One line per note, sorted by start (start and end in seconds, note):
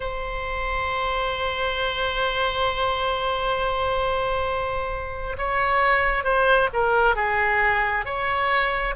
0.00 5.36 C5
5.37 6.24 C#5
6.24 6.68 C5
6.73 7.15 A#4
7.15 8.05 G#4
8.05 8.94 C#5